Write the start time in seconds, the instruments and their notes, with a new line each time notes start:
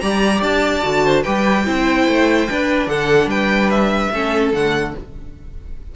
0.00 cello G3, viola G4, violin D5 A#5
0.42 cello D4, violin A5
0.83 cello D3, viola F#4
1.05 violin C5
1.23 cello G3, viola G4, violin B4 G5
1.66 cello C4, viola E4, violin C5
2.08 cello A3
2.48 viola D4, cello D4, violin B4
2.87 cello D3, violin A4 F#5
3.26 cello G3, violin B4 G5
3.71 violin E5
4.12 cello A3, viola C#4, violin A4
4.53 cello D3, viola A3, violin F#5